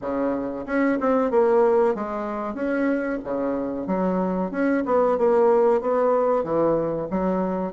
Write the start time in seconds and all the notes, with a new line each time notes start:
0.01 C#3
0.66 C#4
1.00 C4
1.30 A#3
1.94 G#3
2.54 C#4
3.24 C#3
3.87 F#3
4.51 C#4
4.85 B3
5.18 A#3
5.81 B3
6.43 E3
7.10 F#3